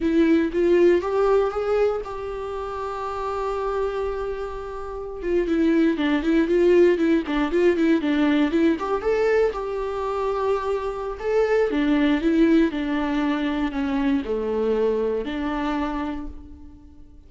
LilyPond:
\new Staff \with { instrumentName = "viola" } { \time 4/4 \tempo 4 = 118 e'4 f'4 g'4 gis'4 | g'1~ | g'2~ g'16 f'8 e'4 d'16~ | d'16 e'8 f'4 e'8 d'8 f'8 e'8 d'16~ |
d'8. e'8 g'8 a'4 g'4~ g'16~ | g'2 a'4 d'4 | e'4 d'2 cis'4 | a2 d'2 | }